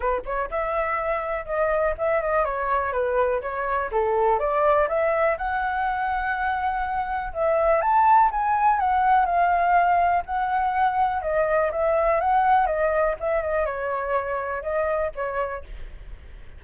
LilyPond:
\new Staff \with { instrumentName = "flute" } { \time 4/4 \tempo 4 = 123 b'8 cis''8 e''2 dis''4 | e''8 dis''8 cis''4 b'4 cis''4 | a'4 d''4 e''4 fis''4~ | fis''2. e''4 |
a''4 gis''4 fis''4 f''4~ | f''4 fis''2 dis''4 | e''4 fis''4 dis''4 e''8 dis''8 | cis''2 dis''4 cis''4 | }